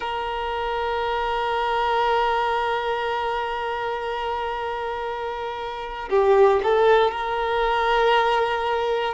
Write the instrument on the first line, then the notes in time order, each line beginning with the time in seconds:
violin
0.00 A#4
6.09 G4
6.63 A4
7.11 A#4